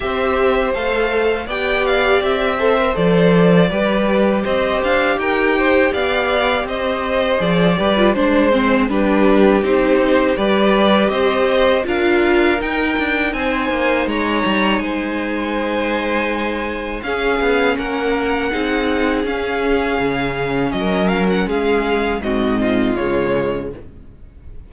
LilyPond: <<
  \new Staff \with { instrumentName = "violin" } { \time 4/4 \tempo 4 = 81 e''4 f''4 g''8 f''8 e''4 | d''2 dis''8 f''8 g''4 | f''4 dis''4 d''4 c''4 | b'4 c''4 d''4 dis''4 |
f''4 g''4 gis''4 ais''4 | gis''2. f''4 | fis''2 f''2 | dis''8 f''16 fis''16 f''4 dis''4 cis''4 | }
  \new Staff \with { instrumentName = "violin" } { \time 4/4 c''2 d''4. c''8~ | c''4 b'4 c''4 ais'8 c''8 | d''4 c''4. b'8 c''4 | g'2 b'4 c''4 |
ais'2 c''4 cis''4 | c''2. gis'4 | ais'4 gis'2. | ais'4 gis'4 fis'8 f'4. | }
  \new Staff \with { instrumentName = "viola" } { \time 4/4 g'4 a'4 g'4. a'16 ais'16 | a'4 g'2.~ | g'2 gis'8 g'16 f'16 d'8 c'8 | d'4 dis'4 g'2 |
f'4 dis'2.~ | dis'2. cis'4~ | cis'4 dis'4 cis'2~ | cis'2 c'4 gis4 | }
  \new Staff \with { instrumentName = "cello" } { \time 4/4 c'4 a4 b4 c'4 | f4 g4 c'8 d'8 dis'4 | b4 c'4 f8 g8 gis4 | g4 c'4 g4 c'4 |
d'4 dis'8 d'8 c'8 ais8 gis8 g8 | gis2. cis'8 b8 | ais4 c'4 cis'4 cis4 | fis4 gis4 gis,4 cis4 | }
>>